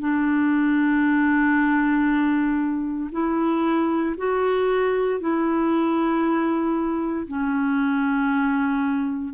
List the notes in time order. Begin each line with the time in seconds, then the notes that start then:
0.00 D4
3.12 E4
4.18 F#4
5.21 E4
7.28 C#4